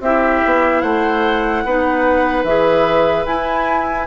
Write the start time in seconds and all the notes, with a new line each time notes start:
0.00 C4 E4 G4 E5
0.45 B3
0.81 A3 C5 F#5
1.64 B3 D#4 B4
2.44 E3 G#4 E5
3.25 E4 G#5